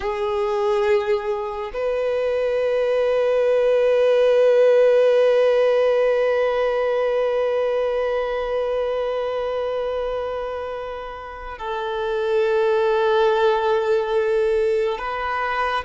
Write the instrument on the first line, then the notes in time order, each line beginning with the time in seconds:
violin
0.00 G#4
1.73 B4
11.58 A4
14.98 B4